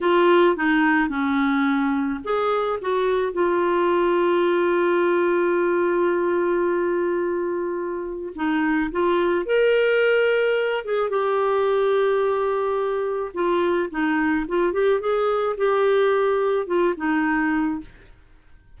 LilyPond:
\new Staff \with { instrumentName = "clarinet" } { \time 4/4 \tempo 4 = 108 f'4 dis'4 cis'2 | gis'4 fis'4 f'2~ | f'1~ | f'2. dis'4 |
f'4 ais'2~ ais'8 gis'8 | g'1 | f'4 dis'4 f'8 g'8 gis'4 | g'2 f'8 dis'4. | }